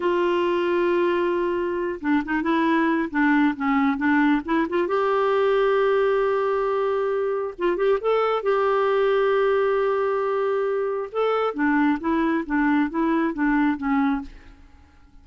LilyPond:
\new Staff \with { instrumentName = "clarinet" } { \time 4/4 \tempo 4 = 135 f'1~ | f'8 d'8 dis'8 e'4. d'4 | cis'4 d'4 e'8 f'8 g'4~ | g'1~ |
g'4 f'8 g'8 a'4 g'4~ | g'1~ | g'4 a'4 d'4 e'4 | d'4 e'4 d'4 cis'4 | }